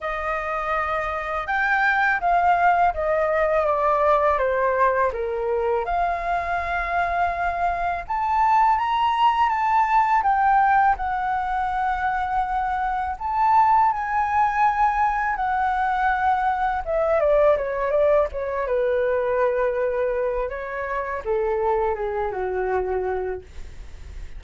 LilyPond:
\new Staff \with { instrumentName = "flute" } { \time 4/4 \tempo 4 = 82 dis''2 g''4 f''4 | dis''4 d''4 c''4 ais'4 | f''2. a''4 | ais''4 a''4 g''4 fis''4~ |
fis''2 a''4 gis''4~ | gis''4 fis''2 e''8 d''8 | cis''8 d''8 cis''8 b'2~ b'8 | cis''4 a'4 gis'8 fis'4. | }